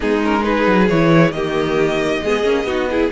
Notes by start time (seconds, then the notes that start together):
0.00 G#3 B3 D#4 G#4
0.23 C#4 A#4
0.40 D#4 G#4 B4
0.67 F#3
0.89 E3 E4 C#5
1.31 D#3 A#3 G4 D#5
2.22 G#3 B3 G#4
2.43 A#3 C#4
2.64 B3 D#4 F#4
2.90 E4 G#4